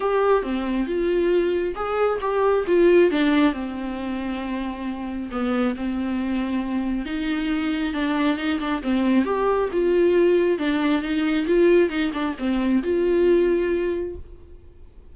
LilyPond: \new Staff \with { instrumentName = "viola" } { \time 4/4 \tempo 4 = 136 g'4 c'4 f'2 | gis'4 g'4 f'4 d'4 | c'1 | b4 c'2. |
dis'2 d'4 dis'8 d'8 | c'4 g'4 f'2 | d'4 dis'4 f'4 dis'8 d'8 | c'4 f'2. | }